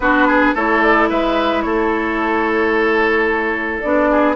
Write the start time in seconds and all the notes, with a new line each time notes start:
0.00 B3 D4 F#4 B4
0.27 G#4
0.54 A3 E4 A4 C#5
0.81 D5
1.09 G#3 B4 E5
1.61 A3 A4 C#5
3.80 B3 D4 D5
4.10 G#4